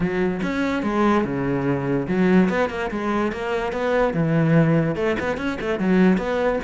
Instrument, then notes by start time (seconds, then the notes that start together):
cello
0.00 F#3
0.42 C#4
0.83 G#3
1.24 C#3
2.08 F#3
2.49 B3
2.69 A#3
2.91 G#3
3.32 A#3
3.72 B3
4.13 E3
4.95 A3
5.19 B3
5.37 C#4
5.60 A3
5.79 F#3
6.17 B3